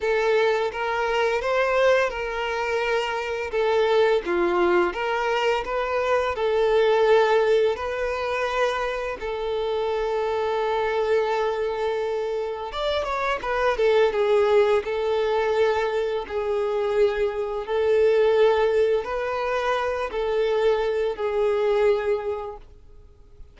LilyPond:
\new Staff \with { instrumentName = "violin" } { \time 4/4 \tempo 4 = 85 a'4 ais'4 c''4 ais'4~ | ais'4 a'4 f'4 ais'4 | b'4 a'2 b'4~ | b'4 a'2.~ |
a'2 d''8 cis''8 b'8 a'8 | gis'4 a'2 gis'4~ | gis'4 a'2 b'4~ | b'8 a'4. gis'2 | }